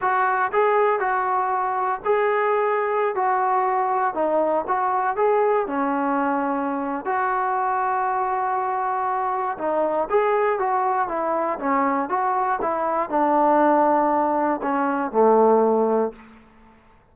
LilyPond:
\new Staff \with { instrumentName = "trombone" } { \time 4/4 \tempo 4 = 119 fis'4 gis'4 fis'2 | gis'2~ gis'16 fis'4.~ fis'16~ | fis'16 dis'4 fis'4 gis'4 cis'8.~ | cis'2 fis'2~ |
fis'2. dis'4 | gis'4 fis'4 e'4 cis'4 | fis'4 e'4 d'2~ | d'4 cis'4 a2 | }